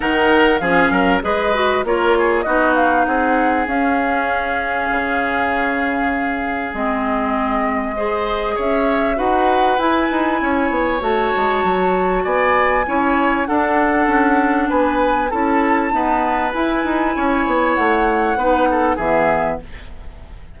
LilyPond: <<
  \new Staff \with { instrumentName = "flute" } { \time 4/4 \tempo 4 = 98 fis''4 f''4 dis''4 cis''4 | dis''8 f''8 fis''4 f''2~ | f''2. dis''4~ | dis''2 e''4 fis''4 |
gis''2 a''2 | gis''2 fis''2 | gis''4 a''2 gis''4~ | gis''4 fis''2 e''4 | }
  \new Staff \with { instrumentName = "oboe" } { \time 4/4 ais'4 gis'8 ais'8 b'4 ais'8 gis'8 | fis'4 gis'2.~ | gis'1~ | gis'4 c''4 cis''4 b'4~ |
b'4 cis''2. | d''4 cis''4 a'2 | b'4 a'4 b'2 | cis''2 b'8 a'8 gis'4 | }
  \new Staff \with { instrumentName = "clarinet" } { \time 4/4 dis'4 cis'4 gis'8 fis'8 f'4 | dis'2 cis'2~ | cis'2. c'4~ | c'4 gis'2 fis'4 |
e'2 fis'2~ | fis'4 e'4 d'2~ | d'4 e'4 b4 e'4~ | e'2 dis'4 b4 | }
  \new Staff \with { instrumentName = "bassoon" } { \time 4/4 dis4 f8 fis8 gis4 ais4 | b4 c'4 cis'2 | cis2. gis4~ | gis2 cis'4 dis'4 |
e'8 dis'8 cis'8 b8 a8 gis8 fis4 | b4 cis'4 d'4 cis'4 | b4 cis'4 dis'4 e'8 dis'8 | cis'8 b8 a4 b4 e4 | }
>>